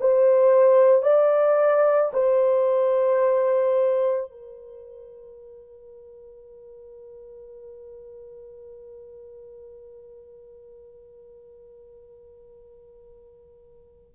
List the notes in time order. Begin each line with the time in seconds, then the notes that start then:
0.00 C5
1.02 D5
2.13 C5
4.31 A#4